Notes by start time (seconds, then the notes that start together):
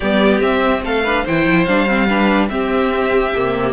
0.00 G3 B3 G4 D5
0.40 C4 E5
0.82 A3 A4 F5
1.03 D4 B4
1.24 E3 E4 C5 G5
1.45 F3
1.64 G3 D4 F5
1.87 C4
2.07 D4 B4
2.48 C4 G4 E5
3.34 C3 A#3